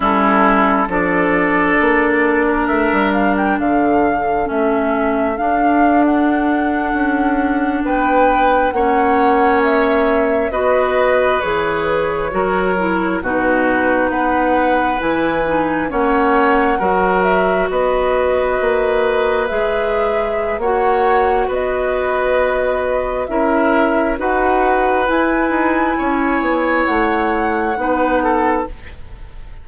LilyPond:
<<
  \new Staff \with { instrumentName = "flute" } { \time 4/4 \tempo 4 = 67 a'4 d''2 e''8 f''16 g''16 | f''4 e''4 f''8. fis''4~ fis''16~ | fis''8. g''4 fis''4 e''4 dis''16~ | dis''8. cis''2 b'4 fis''16~ |
fis''8. gis''4 fis''4. e''8 dis''16~ | dis''4.~ dis''16 e''4~ e''16 fis''4 | dis''2 e''4 fis''4 | gis''2 fis''2 | }
  \new Staff \with { instrumentName = "oboe" } { \time 4/4 e'4 a'4.~ a'16 ais'4~ ais'16 | a'1~ | a'8. b'4 cis''2 b'16~ | b'4.~ b'16 ais'4 fis'4 b'16~ |
b'4.~ b'16 cis''4 ais'4 b'16~ | b'2. cis''4 | b'2 ais'4 b'4~ | b'4 cis''2 b'8 a'8 | }
  \new Staff \with { instrumentName = "clarinet" } { \time 4/4 cis'4 d'2.~ | d'4 cis'4 d'2~ | d'4.~ d'16 cis'2 fis'16~ | fis'8. gis'4 fis'8 e'8 dis'4~ dis'16~ |
dis'8. e'8 dis'8 cis'4 fis'4~ fis'16~ | fis'4.~ fis'16 gis'4~ gis'16 fis'4~ | fis'2 e'4 fis'4 | e'2. dis'4 | }
  \new Staff \with { instrumentName = "bassoon" } { \time 4/4 g4 f4 ais4 a16 g8. | d4 a4 d'4.~ d'16 cis'16~ | cis'8. b4 ais2 b16~ | b8. e4 fis4 b,4 b16~ |
b8. e4 ais4 fis4 b16~ | b8. ais4 gis4~ gis16 ais4 | b2 cis'4 dis'4 | e'8 dis'8 cis'8 b8 a4 b4 | }
>>